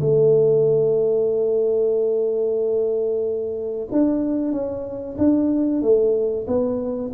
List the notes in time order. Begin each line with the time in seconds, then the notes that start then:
0.00 A3
3.91 D4
4.51 C#4
5.17 D4
5.82 A3
6.47 B3